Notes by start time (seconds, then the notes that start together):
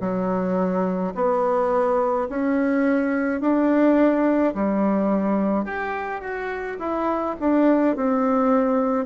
0.00 F#3
1.15 B3
2.29 C#4
3.41 D4
4.54 G3
5.64 G4
6.21 F#4
6.79 E4
7.40 D4
7.96 C4